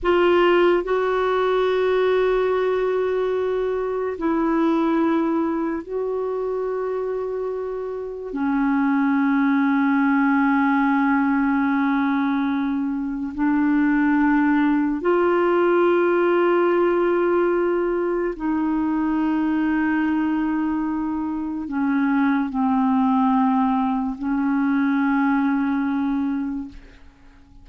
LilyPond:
\new Staff \with { instrumentName = "clarinet" } { \time 4/4 \tempo 4 = 72 f'4 fis'2.~ | fis'4 e'2 fis'4~ | fis'2 cis'2~ | cis'1 |
d'2 f'2~ | f'2 dis'2~ | dis'2 cis'4 c'4~ | c'4 cis'2. | }